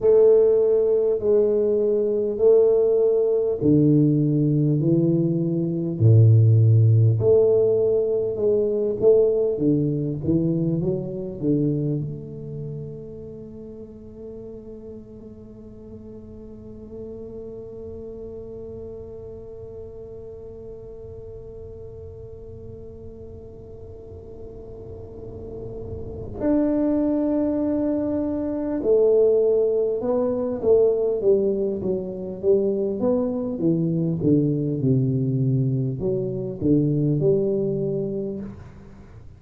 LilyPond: \new Staff \with { instrumentName = "tuba" } { \time 4/4 \tempo 4 = 50 a4 gis4 a4 d4 | e4 a,4 a4 gis8 a8 | d8 e8 fis8 d8 a2~ | a1~ |
a1~ | a2 d'2 | a4 b8 a8 g8 fis8 g8 b8 | e8 d8 c4 fis8 d8 g4 | }